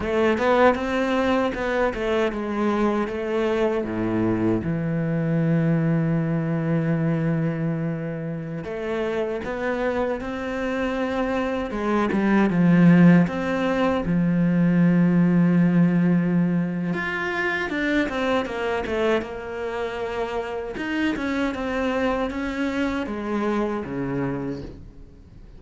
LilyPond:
\new Staff \with { instrumentName = "cello" } { \time 4/4 \tempo 4 = 78 a8 b8 c'4 b8 a8 gis4 | a4 a,4 e2~ | e2.~ e16 a8.~ | a16 b4 c'2 gis8 g16~ |
g16 f4 c'4 f4.~ f16~ | f2 f'4 d'8 c'8 | ais8 a8 ais2 dis'8 cis'8 | c'4 cis'4 gis4 cis4 | }